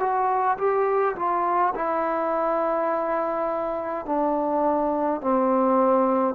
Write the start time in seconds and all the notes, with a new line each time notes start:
0.00 F#4
0.58 G4
1.16 F4
1.75 E4
4.06 D4
5.21 C4